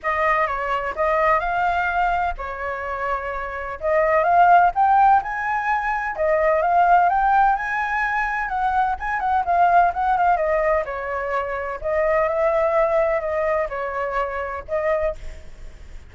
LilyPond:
\new Staff \with { instrumentName = "flute" } { \time 4/4 \tempo 4 = 127 dis''4 cis''4 dis''4 f''4~ | f''4 cis''2. | dis''4 f''4 g''4 gis''4~ | gis''4 dis''4 f''4 g''4 |
gis''2 fis''4 gis''8 fis''8 | f''4 fis''8 f''8 dis''4 cis''4~ | cis''4 dis''4 e''2 | dis''4 cis''2 dis''4 | }